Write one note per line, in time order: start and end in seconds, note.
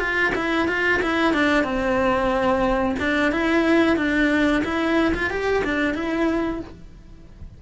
0.00 0.33 F4
0.35 0.68 E4
0.68 1.01 F4
1.03 1.34 E4
1.34 1.64 D4
1.64 2.96 C4
3.00 3.32 D4
3.32 3.97 E4
3.97 4.63 D4
4.65 5.14 E4
5.15 5.30 F4
5.30 5.63 G4
5.64 5.95 D4
5.95 6.61 E4